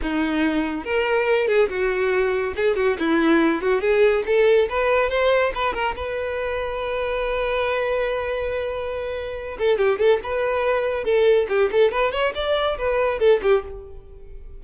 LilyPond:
\new Staff \with { instrumentName = "violin" } { \time 4/4 \tempo 4 = 141 dis'2 ais'4. gis'8 | fis'2 gis'8 fis'8 e'4~ | e'8 fis'8 gis'4 a'4 b'4 | c''4 b'8 ais'8 b'2~ |
b'1~ | b'2~ b'8 a'8 g'8 a'8 | b'2 a'4 g'8 a'8 | b'8 cis''8 d''4 b'4 a'8 g'8 | }